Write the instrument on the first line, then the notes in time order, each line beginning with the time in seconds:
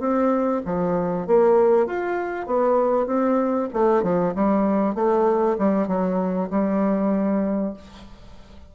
bassoon
0.00 C4
0.66 F3
1.27 A#3
1.87 F4
2.47 B3
3.07 C4
3.74 A3
4.03 F3
4.36 G3
4.95 A3
5.59 G3
5.88 F#3
6.50 G3